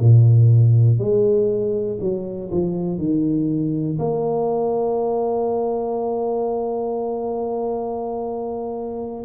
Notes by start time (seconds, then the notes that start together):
0.00 A#2
0.99 G#3
2.01 F#3
2.52 F3
2.99 D#3
4.00 A#3